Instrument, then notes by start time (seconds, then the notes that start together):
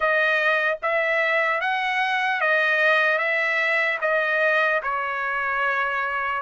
trumpet
0.00 D#5
0.82 E5
1.60 F#5
2.40 D#5
3.18 E5
4.01 D#5
4.83 C#5